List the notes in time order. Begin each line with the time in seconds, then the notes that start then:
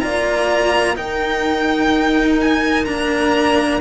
0.00 A#3 F4 D5 A#5
0.95 D#4 A#4 G5
2.41 G#5
2.85 A#3 D4 A#5